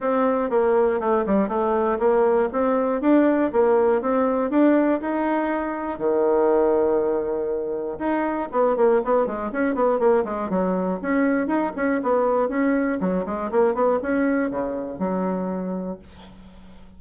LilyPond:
\new Staff \with { instrumentName = "bassoon" } { \time 4/4 \tempo 4 = 120 c'4 ais4 a8 g8 a4 | ais4 c'4 d'4 ais4 | c'4 d'4 dis'2 | dis1 |
dis'4 b8 ais8 b8 gis8 cis'8 b8 | ais8 gis8 fis4 cis'4 dis'8 cis'8 | b4 cis'4 fis8 gis8 ais8 b8 | cis'4 cis4 fis2 | }